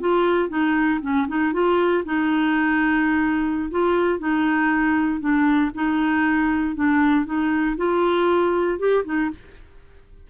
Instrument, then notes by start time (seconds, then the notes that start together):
clarinet
0.00 F4
0.49 D#4
1.01 C#4
1.28 D#4
1.53 F4
2.05 D#4
3.70 F4
4.19 D#4
5.20 D4
5.74 D#4
6.75 D4
7.25 D#4
7.77 F4
8.79 G4
9.04 D#4